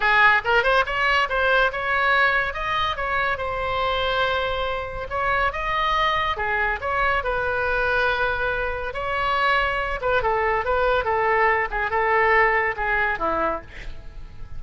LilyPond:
\new Staff \with { instrumentName = "oboe" } { \time 4/4 \tempo 4 = 141 gis'4 ais'8 c''8 cis''4 c''4 | cis''2 dis''4 cis''4 | c''1 | cis''4 dis''2 gis'4 |
cis''4 b'2.~ | b'4 cis''2~ cis''8 b'8 | a'4 b'4 a'4. gis'8 | a'2 gis'4 e'4 | }